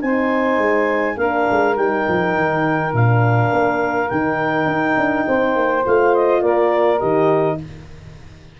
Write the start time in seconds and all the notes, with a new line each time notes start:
0.00 C4 D#4 C5 G#5
0.58 G#3
1.17 A#3 D4 A#4 F5
1.50 G#3
1.76 G3 D#4 G5
2.08 F3
2.35 D#3
2.93 A#2 D4 F5
3.52 A#3
4.09 D#3 D#4 G5
4.66 D#4
4.97 D4
5.27 C4 C5
5.55 A#3
5.84 A3 F4 F5
6.14 D#5
6.42 A#3 A#4 D5
6.99 D#3 G4 D#5